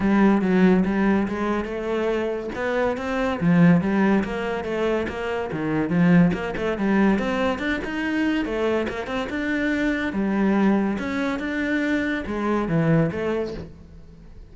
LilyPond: \new Staff \with { instrumentName = "cello" } { \time 4/4 \tempo 4 = 142 g4 fis4 g4 gis4 | a2 b4 c'4 | f4 g4 ais4 a4 | ais4 dis4 f4 ais8 a8 |
g4 c'4 d'8 dis'4. | a4 ais8 c'8 d'2 | g2 cis'4 d'4~ | d'4 gis4 e4 a4 | }